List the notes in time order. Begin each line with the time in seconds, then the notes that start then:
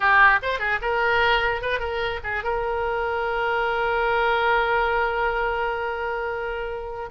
0.00 G4
0.42 C5
0.59 G#4
0.81 A#4
1.61 B4
1.79 A#4
2.23 G#4
2.43 A#4